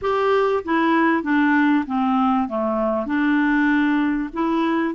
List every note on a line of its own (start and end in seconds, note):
0.01 0.63 G4
0.64 1.22 E4
1.22 1.84 D4
1.86 2.48 C4
2.48 3.05 A3
3.05 4.29 D4
4.33 4.94 E4